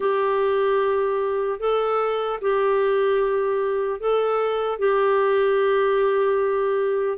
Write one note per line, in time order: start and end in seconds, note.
0.00 1.59 G4
1.59 2.39 A4
2.41 4.00 G4
4.00 4.79 A4
4.79 7.17 G4